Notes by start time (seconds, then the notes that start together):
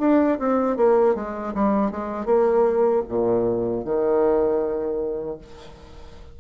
0.00 D4
0.40 C4
0.77 A#3
1.15 G#3
1.55 G3
1.92 G#3
2.26 A#3
3.09 A#2
3.85 D#3